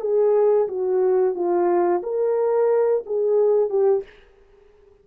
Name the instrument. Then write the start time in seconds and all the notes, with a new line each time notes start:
horn
0.00 G#4
0.68 F#4
1.34 F4
2.03 A#4
3.06 G#4
3.69 G4